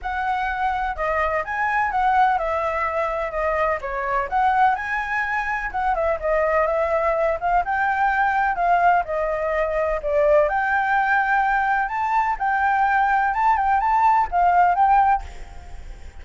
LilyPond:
\new Staff \with { instrumentName = "flute" } { \time 4/4 \tempo 4 = 126 fis''2 dis''4 gis''4 | fis''4 e''2 dis''4 | cis''4 fis''4 gis''2 | fis''8 e''8 dis''4 e''4. f''8 |
g''2 f''4 dis''4~ | dis''4 d''4 g''2~ | g''4 a''4 g''2 | a''8 g''8 a''4 f''4 g''4 | }